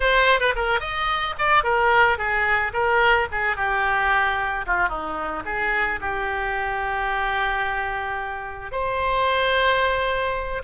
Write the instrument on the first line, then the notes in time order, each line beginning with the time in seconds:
oboe
0.00 C5
0.40 B4
0.55 A#4
0.80 D#5
1.38 D5
1.63 A#4
2.18 G#4
2.73 A#4
3.31 G#4
3.56 G4
4.66 F4
4.88 D#4
5.45 G#4
6.00 G4
8.71 C5